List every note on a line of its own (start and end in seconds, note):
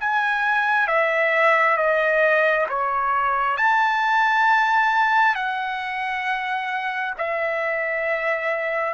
0.00 0.87 G#5
0.87 1.77 E5
1.77 2.66 D#5
2.69 3.57 C#5
3.57 5.35 A5
5.35 7.14 F#5
7.18 8.93 E5